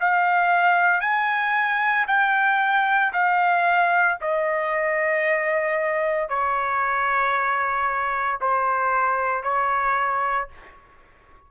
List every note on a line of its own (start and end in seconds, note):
0.00 1.00 F5
1.00 2.06 G#5
2.07 3.12 G5
3.13 4.18 F5
4.21 6.29 D#5
6.29 8.39 C#5
8.41 9.43 C5
9.43 10.48 C#5